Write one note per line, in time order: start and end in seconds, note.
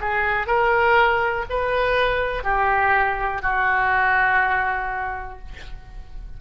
0.00 0.46 G#4
0.46 1.45 A#4
1.49 2.43 B4
2.43 3.42 G4
3.42 5.38 F#4